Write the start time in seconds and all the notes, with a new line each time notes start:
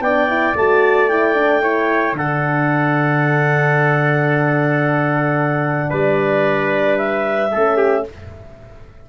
0.00 B3 D4 D5 G5
0.28 E4
0.54 A3 F#4 A5
1.08 E4 G5
1.35 D4
1.61 E4 C#5
2.13 D3 D4 A4 F#5
5.89 G3 B4 D5
6.97 E5
7.51 A3 C#4 A4
7.77 G4